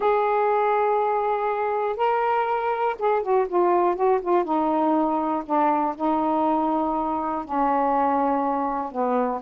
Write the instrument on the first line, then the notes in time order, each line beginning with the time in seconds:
saxophone
0.00 G#4
1.96 A#4
2.98 G#4
3.22 F#4
3.48 F4
3.95 F#4
4.21 F4
4.44 D#4
5.45 D4
5.96 D#4
7.44 C#4
8.91 B3